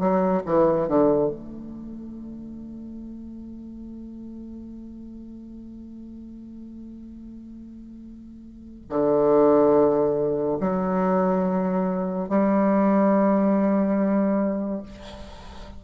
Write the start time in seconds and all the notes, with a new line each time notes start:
0.00 F#3
0.46 E3
0.88 D3
1.30 A3
8.90 D3
10.61 F#3
12.29 G3